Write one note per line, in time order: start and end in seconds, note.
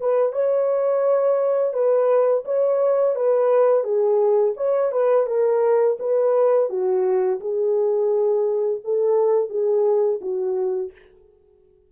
0.00 0.32 B4
0.32 1.73 C#5
1.73 2.44 B4
2.45 3.15 C#5
3.15 3.84 B4
3.84 4.54 G#4
4.57 4.92 C#5
4.92 5.27 B4
5.27 5.97 A#4
5.99 6.69 B4
6.69 7.40 F#4
7.40 8.81 G#4
8.84 9.49 A4
9.49 10.20 G#4
10.21 10.92 F#4